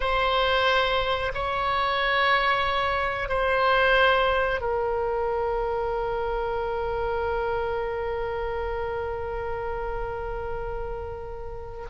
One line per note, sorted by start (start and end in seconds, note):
0.00 1.32 C5
1.34 3.28 C#5
3.28 4.60 C5
4.60 11.86 A#4